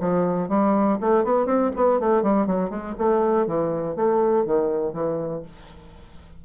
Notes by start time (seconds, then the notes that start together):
0.00 F3
0.48 G3
1.00 A3
1.24 B3
1.46 C4
1.76 B3
1.99 A3
2.22 G3
2.46 F#3
2.70 G#3
2.98 A3
3.46 E3
3.95 A3
4.45 D#3
4.92 E3